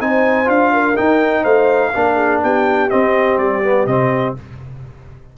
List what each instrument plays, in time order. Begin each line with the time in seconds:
0.00 tuba C4, trombone D#4, horn C5, trumpet G#5
0.45 tuba D4, trombone F4, trumpet F5
0.73 horn A#4
0.96 trombone D#4, tuba D#4, trumpet G5
1.42 tuba A3, horn C5, trumpet F5
1.94 tuba A#3, trombone D4, horn A#4
2.16 horn G#4
2.43 tuba B3, horn G4, trumpet G5
2.90 trombone C4, tuba C4, trumpet D#5
3.37 tuba G3, trumpet D5
3.63 trombone B3
3.86 tuba C3, trombone C4, trumpet D#5